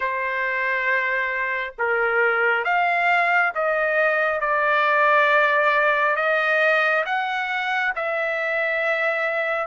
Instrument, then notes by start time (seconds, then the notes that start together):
trumpet
0.00 C5
1.78 A#4
2.64 F5
3.55 D#5
4.40 D5
6.16 D#5
7.05 F#5
7.95 E5